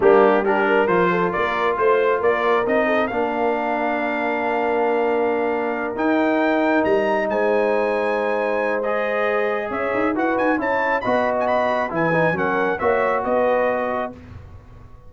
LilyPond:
<<
  \new Staff \with { instrumentName = "trumpet" } { \time 4/4 \tempo 4 = 136 g'4 ais'4 c''4 d''4 | c''4 d''4 dis''4 f''4~ | f''1~ | f''4. g''2 ais''8~ |
ais''8 gis''2.~ gis''8 | dis''2 e''4 fis''8 gis''8 | a''4 b''8. gis''16 b''4 gis''4 | fis''4 e''4 dis''2 | }
  \new Staff \with { instrumentName = "horn" } { \time 4/4 d'4 g'8 ais'4 a'8 ais'4 | c''4 ais'4. a'8 ais'4~ | ais'1~ | ais'1~ |
ais'8 c''2.~ c''8~ | c''2 cis''4 b'4 | cis''4 dis''2 b'4 | ais'4 cis''4 b'2 | }
  \new Staff \with { instrumentName = "trombone" } { \time 4/4 ais4 d'4 f'2~ | f'2 dis'4 d'4~ | d'1~ | d'4. dis'2~ dis'8~ |
dis'1 | gis'2. fis'4 | e'4 fis'2 e'8 dis'8 | cis'4 fis'2. | }
  \new Staff \with { instrumentName = "tuba" } { \time 4/4 g2 f4 ais4 | a4 ais4 c'4 ais4~ | ais1~ | ais4. dis'2 g8~ |
g8 gis2.~ gis8~ | gis2 cis'8 dis'8 e'8 dis'8 | cis'4 b2 e4 | fis4 ais4 b2 | }
>>